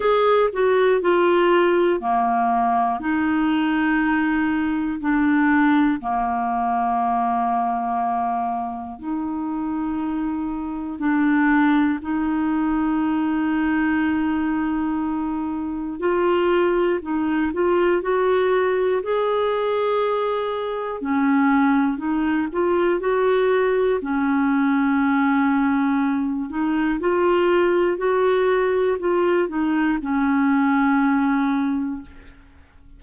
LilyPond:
\new Staff \with { instrumentName = "clarinet" } { \time 4/4 \tempo 4 = 60 gis'8 fis'8 f'4 ais4 dis'4~ | dis'4 d'4 ais2~ | ais4 dis'2 d'4 | dis'1 |
f'4 dis'8 f'8 fis'4 gis'4~ | gis'4 cis'4 dis'8 f'8 fis'4 | cis'2~ cis'8 dis'8 f'4 | fis'4 f'8 dis'8 cis'2 | }